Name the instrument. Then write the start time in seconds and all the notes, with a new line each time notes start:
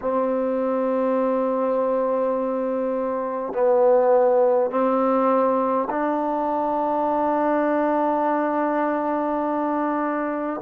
trombone
0.01 C4
3.53 B3
4.70 C4
5.90 D4